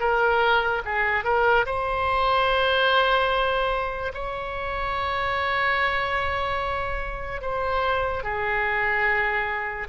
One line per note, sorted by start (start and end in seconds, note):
0.00 0.82 A#4
0.85 1.24 G#4
1.24 1.66 A#4
1.66 4.12 C5
4.14 7.42 C#5
7.42 8.23 C5
8.23 9.88 G#4